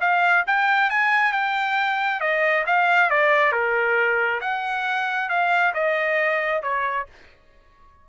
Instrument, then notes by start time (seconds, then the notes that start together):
trumpet
0.00 F5
0.47 G5
0.90 G#5
1.32 G5
2.20 D#5
2.66 F5
3.10 D5
3.52 A#4
4.41 F#5
5.29 F5
5.74 D#5
6.62 C#5